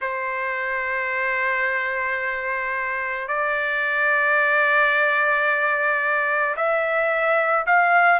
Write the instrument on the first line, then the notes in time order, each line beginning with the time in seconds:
trumpet
0.01 C5
3.27 D5
6.56 E5
7.66 F5